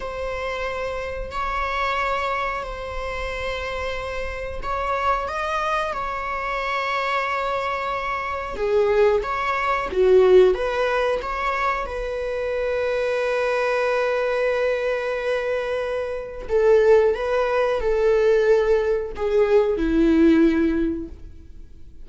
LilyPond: \new Staff \with { instrumentName = "viola" } { \time 4/4 \tempo 4 = 91 c''2 cis''2 | c''2. cis''4 | dis''4 cis''2.~ | cis''4 gis'4 cis''4 fis'4 |
b'4 cis''4 b'2~ | b'1~ | b'4 a'4 b'4 a'4~ | a'4 gis'4 e'2 | }